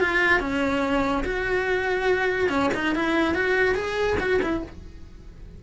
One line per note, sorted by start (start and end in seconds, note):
0.00 0.39 F4
0.39 1.23 C#4
1.24 2.49 F#4
2.49 2.70 C#4
2.74 2.95 D#4
2.95 3.34 E4
3.34 3.75 F#4
3.75 4.17 G#4
4.20 4.41 F#4
4.42 4.63 E4